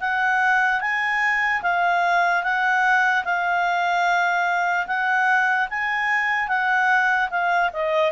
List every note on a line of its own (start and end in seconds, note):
0.00 0.80 F#5
0.80 1.61 G#5
1.62 2.43 F5
2.43 3.24 F#5
3.24 4.86 F5
4.87 5.68 F#5
5.69 6.48 G#5
6.48 7.29 F#5
7.30 7.71 F5
7.72 8.12 D#5